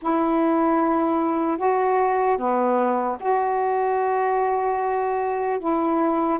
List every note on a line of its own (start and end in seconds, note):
0.01 1.57 E4
1.57 2.37 F#4
2.37 3.17 B3
3.20 5.59 F#4
5.59 6.39 E4